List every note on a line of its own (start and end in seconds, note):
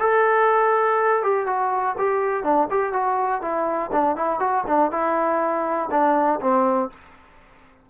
0.00 1.23 A4
1.23 1.47 G4
1.47 1.96 F#4
1.98 2.44 G4
2.44 2.68 D4
2.70 2.93 G4
2.93 3.42 F#4
3.42 3.91 E4
3.92 4.16 D4
4.16 4.40 E4
4.40 4.65 F#4
4.67 4.92 D4
4.92 5.90 E4
5.91 6.40 D4
6.41 6.90 C4